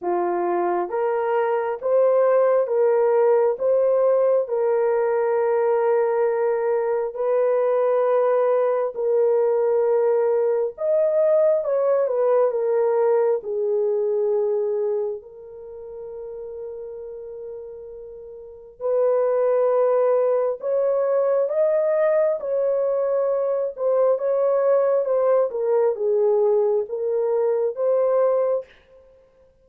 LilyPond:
\new Staff \with { instrumentName = "horn" } { \time 4/4 \tempo 4 = 67 f'4 ais'4 c''4 ais'4 | c''4 ais'2. | b'2 ais'2 | dis''4 cis''8 b'8 ais'4 gis'4~ |
gis'4 ais'2.~ | ais'4 b'2 cis''4 | dis''4 cis''4. c''8 cis''4 | c''8 ais'8 gis'4 ais'4 c''4 | }